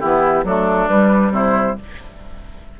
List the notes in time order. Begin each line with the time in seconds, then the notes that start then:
0.00 E3 B3 E4 G4
0.44 F#3 A3 D4 A4
0.88 G3 B4
1.30 C3 E4 C5